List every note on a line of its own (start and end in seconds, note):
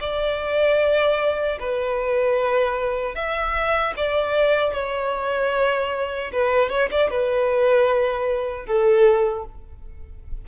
0.00 1.58 D5
1.60 3.15 B4
3.15 3.94 E5
3.96 4.73 D5
4.73 6.31 C#5
6.32 6.69 B4
6.69 6.89 C#5
6.91 7.10 D5
7.10 8.66 B4
8.66 9.45 A4